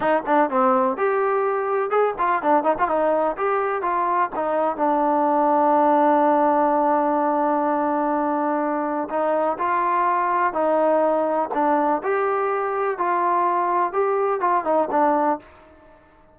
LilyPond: \new Staff \with { instrumentName = "trombone" } { \time 4/4 \tempo 4 = 125 dis'8 d'8 c'4 g'2 | gis'8 f'8 d'8 dis'16 f'16 dis'4 g'4 | f'4 dis'4 d'2~ | d'1~ |
d'2. dis'4 | f'2 dis'2 | d'4 g'2 f'4~ | f'4 g'4 f'8 dis'8 d'4 | }